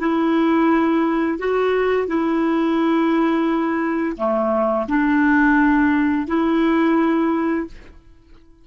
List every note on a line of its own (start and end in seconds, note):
0.00 1.39 E4
1.39 2.08 F#4
2.08 4.17 E4
4.17 4.87 A3
4.89 6.28 D4
6.28 7.67 E4